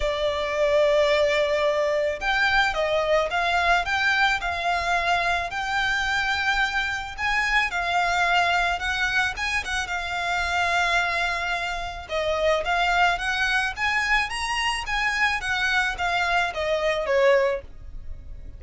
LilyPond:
\new Staff \with { instrumentName = "violin" } { \time 4/4 \tempo 4 = 109 d''1 | g''4 dis''4 f''4 g''4 | f''2 g''2~ | g''4 gis''4 f''2 |
fis''4 gis''8 fis''8 f''2~ | f''2 dis''4 f''4 | fis''4 gis''4 ais''4 gis''4 | fis''4 f''4 dis''4 cis''4 | }